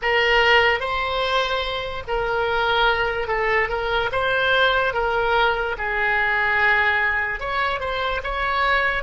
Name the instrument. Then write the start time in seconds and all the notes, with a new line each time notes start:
oboe
0.02 A#4
0.80 C5
2.07 A#4
3.27 A4
3.68 A#4
4.11 C5
4.93 A#4
5.78 G#4
7.40 C#5
7.80 C5
8.23 C#5